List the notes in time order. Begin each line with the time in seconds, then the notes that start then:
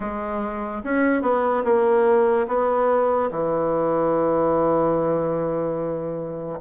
0.00 G#3
0.84 C#4
1.22 B3
1.64 A#3
2.47 B3
3.30 E3